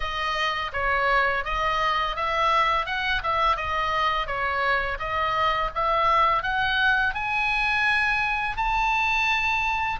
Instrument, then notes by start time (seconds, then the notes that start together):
oboe
0.00 D#5
0.72 C#5
1.44 D#5
2.16 E5
2.86 F#5
3.23 E5
3.56 D#5
4.26 C#5
4.99 D#5
5.74 E5
6.43 F#5
7.14 G#5
8.56 A5